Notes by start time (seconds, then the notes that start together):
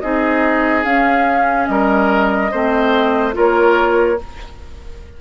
0.00 C4 D#4 G#4 D#5
0.83 C#4 F5
1.66 G3 A#4 D#5
2.51 A3 C4 C5
3.33 A#3 F4 A#4 C#5